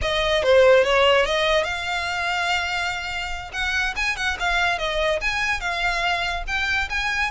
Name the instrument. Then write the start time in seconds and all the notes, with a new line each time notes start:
violin
0.01 D#5
0.42 C5
0.84 C#5
1.25 D#5
1.63 F5
3.52 F#5
3.95 G#5
4.16 F#5
4.39 F5
4.78 D#5
5.21 G#5
5.60 F5
6.47 G5
6.89 G#5